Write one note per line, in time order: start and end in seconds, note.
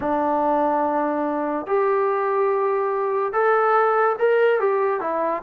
0.00 1.66 D4
1.66 3.32 G4
3.32 4.16 A4
4.19 4.60 A#4
4.60 5.00 G4
5.00 5.42 E4